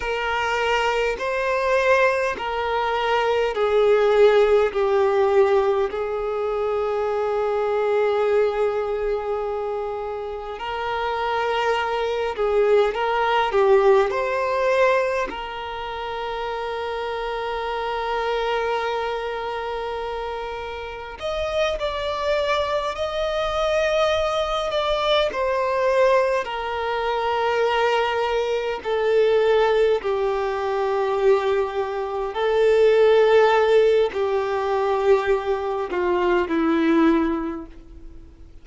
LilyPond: \new Staff \with { instrumentName = "violin" } { \time 4/4 \tempo 4 = 51 ais'4 c''4 ais'4 gis'4 | g'4 gis'2.~ | gis'4 ais'4. gis'8 ais'8 g'8 | c''4 ais'2.~ |
ais'2 dis''8 d''4 dis''8~ | dis''4 d''8 c''4 ais'4.~ | ais'8 a'4 g'2 a'8~ | a'4 g'4. f'8 e'4 | }